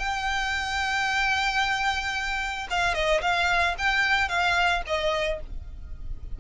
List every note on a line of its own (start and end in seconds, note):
0.00 2.68 G5
2.71 2.95 F5
2.95 3.22 D#5
3.22 3.75 F5
3.79 4.29 G5
4.29 4.83 F5
4.87 5.41 D#5